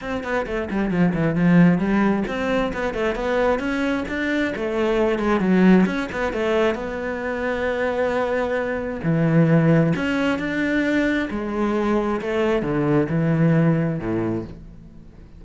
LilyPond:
\new Staff \with { instrumentName = "cello" } { \time 4/4 \tempo 4 = 133 c'8 b8 a8 g8 f8 e8 f4 | g4 c'4 b8 a8 b4 | cis'4 d'4 a4. gis8 | fis4 cis'8 b8 a4 b4~ |
b1 | e2 cis'4 d'4~ | d'4 gis2 a4 | d4 e2 a,4 | }